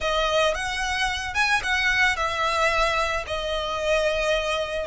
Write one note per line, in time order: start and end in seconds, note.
0.00 0.54 D#5
0.54 1.34 F#5
1.34 1.61 G#5
1.63 2.16 F#5
2.16 3.24 E5
3.26 4.86 D#5